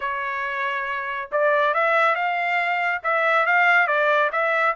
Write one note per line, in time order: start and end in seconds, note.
0.00 1.29 C#5
1.31 1.73 D5
1.73 2.15 E5
2.15 3.01 F5
3.03 3.46 E5
3.46 3.87 F5
3.87 4.30 D5
4.32 4.75 E5